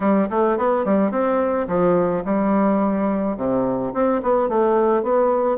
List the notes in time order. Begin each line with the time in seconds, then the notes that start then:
0.00 G3
0.30 A3
0.57 B3
0.84 G3
1.11 C4
1.67 F3
2.25 G3
3.36 C3
3.93 C4
4.22 B3
4.49 A3
5.02 B3